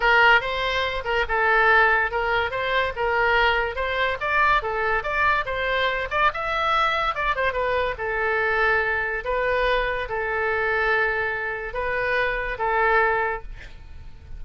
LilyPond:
\new Staff \with { instrumentName = "oboe" } { \time 4/4 \tempo 4 = 143 ais'4 c''4. ais'8 a'4~ | a'4 ais'4 c''4 ais'4~ | ais'4 c''4 d''4 a'4 | d''4 c''4. d''8 e''4~ |
e''4 d''8 c''8 b'4 a'4~ | a'2 b'2 | a'1 | b'2 a'2 | }